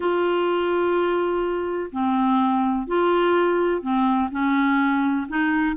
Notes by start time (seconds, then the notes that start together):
0.00 F4
1.91 C4
2.87 F4
3.81 C4
4.31 C#4
5.28 D#4